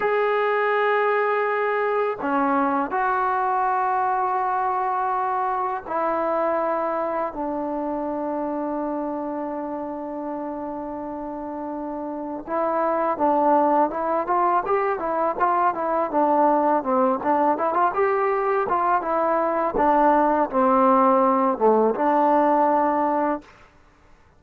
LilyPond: \new Staff \with { instrumentName = "trombone" } { \time 4/4 \tempo 4 = 82 gis'2. cis'4 | fis'1 | e'2 d'2~ | d'1~ |
d'4 e'4 d'4 e'8 f'8 | g'8 e'8 f'8 e'8 d'4 c'8 d'8 | e'16 f'16 g'4 f'8 e'4 d'4 | c'4. a8 d'2 | }